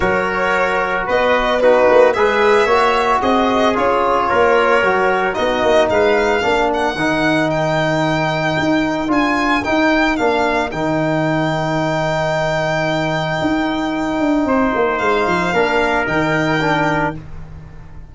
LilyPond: <<
  \new Staff \with { instrumentName = "violin" } { \time 4/4 \tempo 4 = 112 cis''2 dis''4 b'4 | e''2 dis''4 cis''4~ | cis''2 dis''4 f''4~ | f''8 fis''4. g''2~ |
g''4 gis''4 g''4 f''4 | g''1~ | g''1 | f''2 g''2 | }
  \new Staff \with { instrumentName = "trumpet" } { \time 4/4 ais'2 b'4 fis'4 | b'4 cis''4 gis'2 | ais'2 fis'4 b'4 | ais'1~ |
ais'1~ | ais'1~ | ais'2. c''4~ | c''4 ais'2. | }
  \new Staff \with { instrumentName = "trombone" } { \time 4/4 fis'2. dis'4 | gis'4 fis'2 f'4~ | f'4 fis'4 dis'2 | d'4 dis'2.~ |
dis'4 f'4 dis'4 d'4 | dis'1~ | dis'1~ | dis'4 d'4 dis'4 d'4 | }
  \new Staff \with { instrumentName = "tuba" } { \time 4/4 fis2 b4. ais8 | gis4 ais4 c'4 cis'4 | ais4 fis4 b8 ais8 gis4 | ais4 dis2. |
dis'4 d'4 dis'4 ais4 | dis1~ | dis4 dis'4. d'8 c'8 ais8 | gis8 f8 ais4 dis2 | }
>>